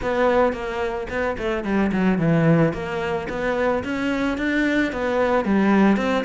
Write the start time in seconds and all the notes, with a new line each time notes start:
0.02 B3
0.52 A#3
1.09 B3
1.38 A3
1.64 G3
1.92 F#3
2.18 E3
2.73 A#3
3.29 B3
3.84 C#4
4.37 D4
4.92 B3
5.44 G3
5.97 C4